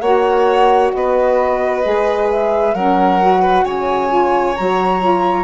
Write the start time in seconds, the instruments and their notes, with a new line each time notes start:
0.00 bassoon A#3, saxophone F#4, violin C#5, flute F#5
0.92 bassoon B3, violin B4, flute D#5
1.82 bassoon G#3, saxophone G#4
2.30 flute E5
2.73 bassoon F#3, saxophone C#4, violin A#4, flute F#5
3.20 saxophone F#4
3.41 violin B4
3.64 bassoon C#3, violin C#5, flute G#5
4.08 saxophone F4
4.55 bassoon F#3, saxophone F#4, flute A#5
5.00 saxophone F4